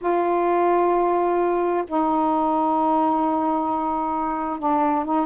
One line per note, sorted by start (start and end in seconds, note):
0.01 1.84 F4
1.87 4.59 D#4
4.59 5.04 D4
5.04 5.26 D#4